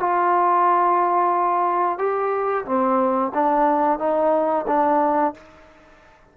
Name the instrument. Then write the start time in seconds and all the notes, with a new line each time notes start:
trombone
0.00 F4
1.99 G4
2.66 C4
3.34 D4
3.99 D#4
4.68 D4